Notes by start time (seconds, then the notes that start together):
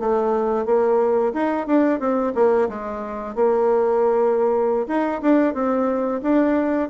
0.00 A3
0.66 A#3
1.34 D#4
1.67 D4
2.00 C4
2.35 A#3
2.69 G#3
3.35 A#3
4.88 D#4
5.22 D4
5.54 C4
6.23 D4